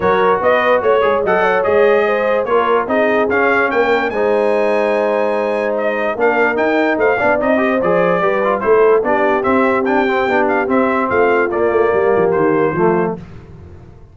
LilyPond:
<<
  \new Staff \with { instrumentName = "trumpet" } { \time 4/4 \tempo 4 = 146 cis''4 dis''4 cis''4 fis''4 | dis''2 cis''4 dis''4 | f''4 g''4 gis''2~ | gis''2 dis''4 f''4 |
g''4 f''4 dis''4 d''4~ | d''4 c''4 d''4 e''4 | g''4. f''8 e''4 f''4 | d''2 c''2 | }
  \new Staff \with { instrumentName = "horn" } { \time 4/4 ais'4 b'4 cis''4 dis''8 cis''8~ | cis''4 c''4 ais'4 gis'4~ | gis'4 ais'4 c''2~ | c''2. ais'4~ |
ais'4 c''8 d''4 c''4. | b'4 a'4 g'2~ | g'2. f'4~ | f'4 g'2 f'4 | }
  \new Staff \with { instrumentName = "trombone" } { \time 4/4 fis'2~ fis'8 gis'8 a'4 | gis'2 f'4 dis'4 | cis'2 dis'2~ | dis'2. d'4 |
dis'4. d'8 dis'8 g'8 gis'4 | g'8 f'8 e'4 d'4 c'4 | d'8 c'8 d'4 c'2 | ais2. a4 | }
  \new Staff \with { instrumentName = "tuba" } { \time 4/4 fis4 b4 a8 gis8 fis4 | gis2 ais4 c'4 | cis'4 ais4 gis2~ | gis2. ais4 |
dis'4 a8 b8 c'4 f4 | g4 a4 b4 c'4~ | c'4 b4 c'4 a4 | ais8 a8 g8 f8 dis4 f4 | }
>>